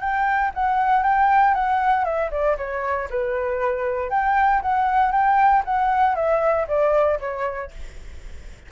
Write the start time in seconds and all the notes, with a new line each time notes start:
0.00 G5
0.54 F#5
1.03 G5
1.54 F#5
2.05 E5
2.31 D5
2.57 C#5
3.10 B4
4.10 G5
4.62 F#5
5.12 G5
5.65 F#5
6.15 E5
6.68 D5
7.20 C#5